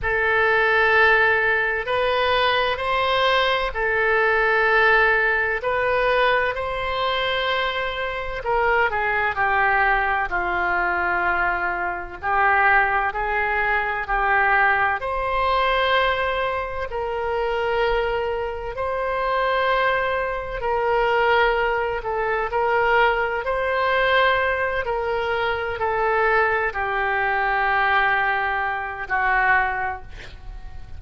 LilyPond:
\new Staff \with { instrumentName = "oboe" } { \time 4/4 \tempo 4 = 64 a'2 b'4 c''4 | a'2 b'4 c''4~ | c''4 ais'8 gis'8 g'4 f'4~ | f'4 g'4 gis'4 g'4 |
c''2 ais'2 | c''2 ais'4. a'8 | ais'4 c''4. ais'4 a'8~ | a'8 g'2~ g'8 fis'4 | }